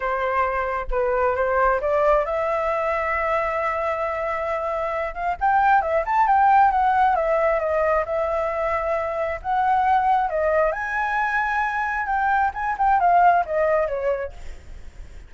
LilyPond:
\new Staff \with { instrumentName = "flute" } { \time 4/4 \tempo 4 = 134 c''2 b'4 c''4 | d''4 e''2.~ | e''2.~ e''8 f''8 | g''4 e''8 a''8 g''4 fis''4 |
e''4 dis''4 e''2~ | e''4 fis''2 dis''4 | gis''2. g''4 | gis''8 g''8 f''4 dis''4 cis''4 | }